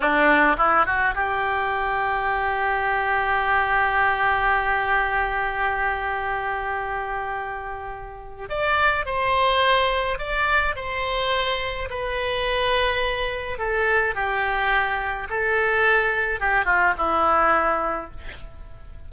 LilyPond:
\new Staff \with { instrumentName = "oboe" } { \time 4/4 \tempo 4 = 106 d'4 e'8 fis'8 g'2~ | g'1~ | g'1~ | g'2. d''4 |
c''2 d''4 c''4~ | c''4 b'2. | a'4 g'2 a'4~ | a'4 g'8 f'8 e'2 | }